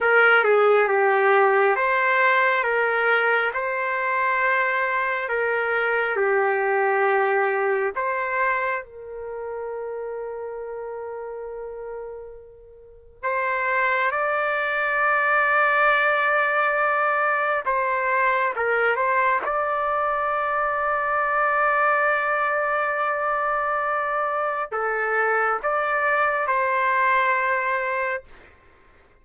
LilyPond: \new Staff \with { instrumentName = "trumpet" } { \time 4/4 \tempo 4 = 68 ais'8 gis'8 g'4 c''4 ais'4 | c''2 ais'4 g'4~ | g'4 c''4 ais'2~ | ais'2. c''4 |
d''1 | c''4 ais'8 c''8 d''2~ | d''1 | a'4 d''4 c''2 | }